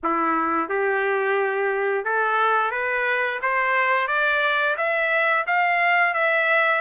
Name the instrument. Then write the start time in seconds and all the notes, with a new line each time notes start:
trumpet
0.03 E4
0.68 G4
2.04 A4
2.71 B4
3.42 C5
4.07 D5
4.77 E5
5.46 F5
6.14 E5